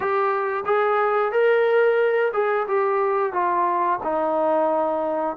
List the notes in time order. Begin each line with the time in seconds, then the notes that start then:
0.00 G4
0.65 G#4
1.32 A#4
2.33 G#4
2.67 G4
3.32 F4
4.03 D#4